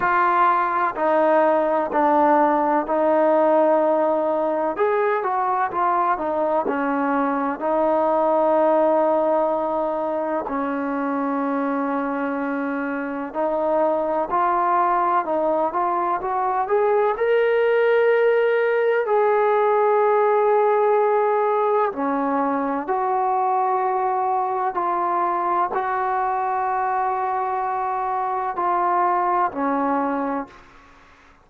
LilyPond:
\new Staff \with { instrumentName = "trombone" } { \time 4/4 \tempo 4 = 63 f'4 dis'4 d'4 dis'4~ | dis'4 gis'8 fis'8 f'8 dis'8 cis'4 | dis'2. cis'4~ | cis'2 dis'4 f'4 |
dis'8 f'8 fis'8 gis'8 ais'2 | gis'2. cis'4 | fis'2 f'4 fis'4~ | fis'2 f'4 cis'4 | }